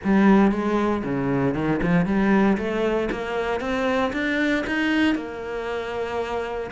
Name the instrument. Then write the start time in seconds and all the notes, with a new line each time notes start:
cello
0.04 G3
0.51 G#3
1.03 C#3
1.54 D#3
1.82 F3
2.05 G3
2.57 A3
3.11 A#3
3.60 C4
4.12 D4
4.67 D#4
5.15 A#3